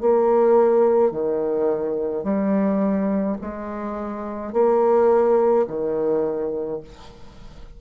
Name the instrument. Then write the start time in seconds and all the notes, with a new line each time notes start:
bassoon
0.00 A#3
1.11 D#3
2.23 G3
3.41 G#3
4.52 A#3
5.67 D#3